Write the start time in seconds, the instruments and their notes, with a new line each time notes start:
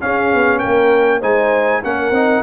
0.00 trombone C#4, tuba C#4, horn G#4, trumpet F5
0.33 tuba B3
0.58 tuba A#3, horn A#4, trumpet G5
1.19 tuba G#3, trombone D#4, horn C5, trumpet G#5
1.83 tuba A#3, trombone C#4, horn A#4, trumpet F#5
2.11 tuba C4, trombone D#4